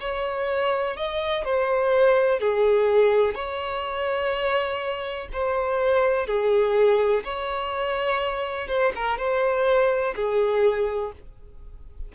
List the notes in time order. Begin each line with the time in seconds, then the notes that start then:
0.00 C#5
0.96 D#5
1.44 C5
2.40 G#4
3.35 C#5
5.33 C5
6.26 G#4
7.24 C#5
8.67 C5
8.95 A#4
9.18 C5
10.15 G#4